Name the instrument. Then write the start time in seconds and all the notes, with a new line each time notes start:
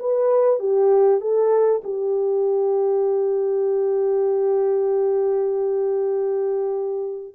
horn
0.00 B4
0.60 G4
1.21 A4
1.84 G4